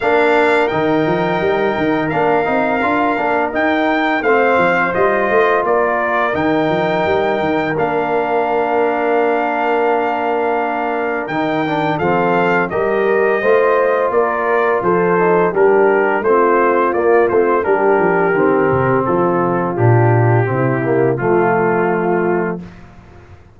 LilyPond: <<
  \new Staff \with { instrumentName = "trumpet" } { \time 4/4 \tempo 4 = 85 f''4 g''2 f''4~ | f''4 g''4 f''4 dis''4 | d''4 g''2 f''4~ | f''1 |
g''4 f''4 dis''2 | d''4 c''4 ais'4 c''4 | d''8 c''8 ais'2 a'4 | g'2 f'2 | }
  \new Staff \with { instrumentName = "horn" } { \time 4/4 ais'1~ | ais'2 c''2 | ais'1~ | ais'1~ |
ais'4 a'4 ais'4 c''4 | ais'4 a'4 g'4 f'4~ | f'4 g'2 f'4~ | f'4 e'4 f'2 | }
  \new Staff \with { instrumentName = "trombone" } { \time 4/4 d'4 dis'2 d'8 dis'8 | f'8 d'8 dis'4 c'4 f'4~ | f'4 dis'2 d'4~ | d'1 |
dis'8 d'8 c'4 g'4 f'4~ | f'4. dis'8 d'4 c'4 | ais8 c'8 d'4 c'2 | d'4 c'8 ais8 a2 | }
  \new Staff \with { instrumentName = "tuba" } { \time 4/4 ais4 dis8 f8 g8 dis8 ais8 c'8 | d'8 ais8 dis'4 a8 f8 g8 a8 | ais4 dis8 f8 g8 dis8 ais4~ | ais1 |
dis4 f4 g4 a4 | ais4 f4 g4 a4 | ais8 a8 g8 f8 dis8 c8 f4 | ais,4 c4 f2 | }
>>